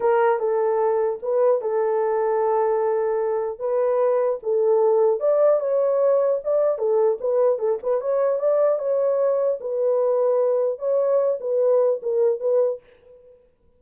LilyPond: \new Staff \with { instrumentName = "horn" } { \time 4/4 \tempo 4 = 150 ais'4 a'2 b'4 | a'1~ | a'4 b'2 a'4~ | a'4 d''4 cis''2 |
d''4 a'4 b'4 a'8 b'8 | cis''4 d''4 cis''2 | b'2. cis''4~ | cis''8 b'4. ais'4 b'4 | }